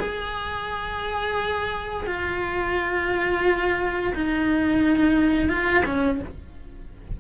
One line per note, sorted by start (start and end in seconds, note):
0.00 2.07 G#4
2.07 4.14 F4
4.15 5.49 D#4
5.49 5.84 F4
5.86 6.20 C#4